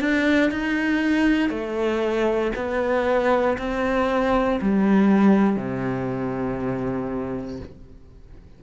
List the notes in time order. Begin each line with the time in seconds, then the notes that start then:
0.00 D4
0.51 D#4
1.50 A3
2.56 B3
3.58 C4
4.61 G3
5.57 C3